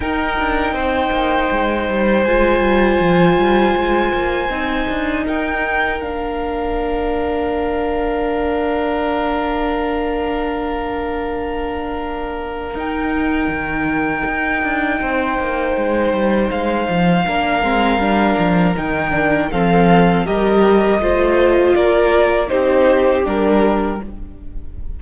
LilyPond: <<
  \new Staff \with { instrumentName = "violin" } { \time 4/4 \tempo 4 = 80 g''2. gis''4~ | gis''2. g''4 | f''1~ | f''1~ |
f''4 g''2.~ | g''2 f''2~ | f''4 g''4 f''4 dis''4~ | dis''4 d''4 c''4 ais'4 | }
  \new Staff \with { instrumentName = "violin" } { \time 4/4 ais'4 c''2.~ | c''2. ais'4~ | ais'1~ | ais'1~ |
ais'1 | c''2. ais'4~ | ais'2 a'4 ais'4 | c''4 ais'4 g'2 | }
  \new Staff \with { instrumentName = "viola" } { \time 4/4 dis'2. f'4~ | f'2 dis'2 | d'1~ | d'1~ |
d'4 dis'2.~ | dis'2. d'8 c'8 | d'4 dis'8 d'8 c'4 g'4 | f'2 dis'4 d'4 | }
  \new Staff \with { instrumentName = "cello" } { \time 4/4 dis'8 d'8 c'8 ais8 gis8 g8 gis8 g8 | f8 g8 gis8 ais8 c'8 d'8 dis'4 | ais1~ | ais1~ |
ais4 dis'4 dis4 dis'8 d'8 | c'8 ais8 gis8 g8 gis8 f8 ais8 gis8 | g8 f8 dis4 f4 g4 | a4 ais4 c'4 g4 | }
>>